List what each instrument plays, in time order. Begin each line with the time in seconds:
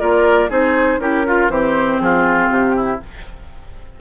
0.00 bassoon A#3, clarinet F4, oboe A#4, flute D5
0.49 bassoon C4, clarinet D#4, oboe G#4, flute C5
0.99 bassoon C#4, clarinet E4, oboe G4, flute A#4
1.26 clarinet F4, oboe F4
1.49 bassoon E3, clarinet C4, oboe G4, flute C5
2.00 bassoon F3, oboe F4, flute G#4
2.49 bassoon C3, flute G4
2.76 oboe E4